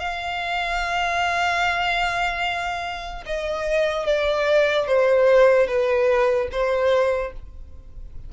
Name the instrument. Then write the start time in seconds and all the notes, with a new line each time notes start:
violin
0.00 F5
3.26 D#5
4.07 D5
4.88 C5
5.68 B4
6.52 C5